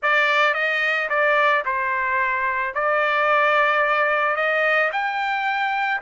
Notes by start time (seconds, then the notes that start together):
0.02 D5
0.54 D#5
1.09 D5
1.65 C5
2.74 D5
4.35 D#5
4.92 G5